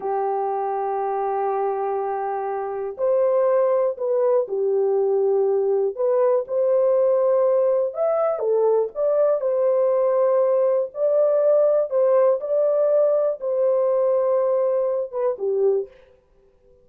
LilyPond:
\new Staff \with { instrumentName = "horn" } { \time 4/4 \tempo 4 = 121 g'1~ | g'2 c''2 | b'4 g'2. | b'4 c''2. |
e''4 a'4 d''4 c''4~ | c''2 d''2 | c''4 d''2 c''4~ | c''2~ c''8 b'8 g'4 | }